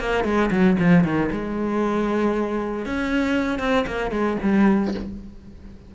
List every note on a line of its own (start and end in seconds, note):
0.00 0.24 A#3
0.24 0.50 G#3
0.51 0.76 F#3
0.80 1.04 F3
1.04 1.30 D#3
1.32 2.86 G#3
2.86 3.59 C#4
3.59 3.85 C4
3.87 4.11 A#3
4.11 4.37 G#3
4.42 4.94 G3